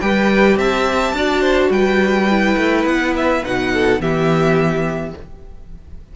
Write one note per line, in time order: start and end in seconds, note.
0.00 0.56 G3
0.00 1.15 G4
0.00 0.58 B4
0.00 0.57 G5
0.56 1.13 C4
0.56 1.15 E5
0.56 1.72 A5
1.13 1.70 D4
1.13 2.30 F#4
1.13 1.41 D5
1.41 1.69 C5
1.70 2.56 G3
1.70 3.72 B4
1.70 2.85 G5
2.30 3.44 E4
2.57 2.85 A3
2.85 3.42 B3
2.85 3.14 F#5
3.16 3.45 E5
3.44 3.99 B2
3.44 4.00 D#4
3.44 4.01 F#5
3.74 4.02 A4
3.99 5.13 E3
3.99 5.14 B3
3.99 5.16 G4
3.99 5.15 E5